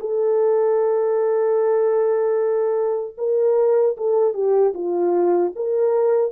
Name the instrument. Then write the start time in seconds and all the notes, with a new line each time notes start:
horn
0.00 A4
3.18 A#4
3.97 A4
4.33 G4
4.74 F4
5.56 A#4